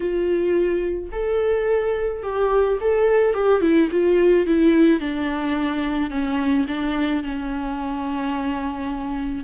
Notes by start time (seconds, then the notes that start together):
0.00 F4
1.11 A4
2.22 G4
2.81 A4
3.33 G4
3.61 E4
3.91 F4
4.46 E4
4.99 D4
6.10 C#4
6.67 D4
7.23 C#4